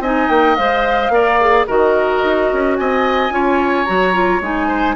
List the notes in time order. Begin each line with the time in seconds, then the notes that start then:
0.00 C4 D#4 D#5 G#5
0.29 A#3 G5
0.56 G#3 C5 F5
1.09 A#3 A#4 D5
1.41 G#4
1.67 D#3 F#4 A#4 D#5
2.24 D#4
2.53 C#4
2.76 C4 D#5 G#5
3.31 C#4 F4 C#5
3.85 F#3 F#4 A#5
4.13 F4
4.40 G#3 D#4 G#5
4.68 C5